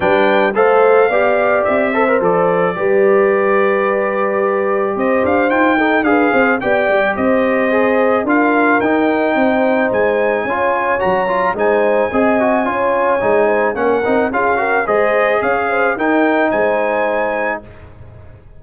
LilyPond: <<
  \new Staff \with { instrumentName = "trumpet" } { \time 4/4 \tempo 4 = 109 g''4 f''2 e''4 | d''1~ | d''4 dis''8 f''8 g''4 f''4 | g''4 dis''2 f''4 |
g''2 gis''2 | ais''4 gis''2.~ | gis''4 fis''4 f''4 dis''4 | f''4 g''4 gis''2 | }
  \new Staff \with { instrumentName = "horn" } { \time 4/4 b'4 c''4 d''4. c''8~ | c''4 b'2.~ | b'4 c''4. a'8 b'8 c''8 | d''4 c''2 ais'4~ |
ais'4 c''2 cis''4~ | cis''4 c''4 dis''4 cis''4~ | cis''8 c''8 ais'4 gis'8 ais'8 c''4 | cis''8 c''8 ais'4 c''2 | }
  \new Staff \with { instrumentName = "trombone" } { \time 4/4 d'4 a'4 g'4. a'16 ais'16 | a'4 g'2.~ | g'2 f'8 dis'8 gis'4 | g'2 gis'4 f'4 |
dis'2. f'4 | fis'8 f'8 dis'4 gis'8 fis'8 f'4 | dis'4 cis'8 dis'8 f'8 fis'8 gis'4~ | gis'4 dis'2. | }
  \new Staff \with { instrumentName = "tuba" } { \time 4/4 g4 a4 b4 c'4 | f4 g2.~ | g4 c'8 d'8 dis'4 d'8 c'8 | b8 g8 c'2 d'4 |
dis'4 c'4 gis4 cis'4 | fis4 gis4 c'4 cis'4 | gis4 ais8 c'8 cis'4 gis4 | cis'4 dis'4 gis2 | }
>>